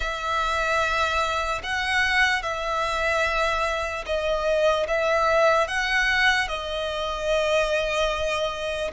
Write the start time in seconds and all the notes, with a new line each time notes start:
0.00 E5
1.63 F#5
2.42 E5
4.05 D#5
4.87 E5
5.68 F#5
6.48 D#5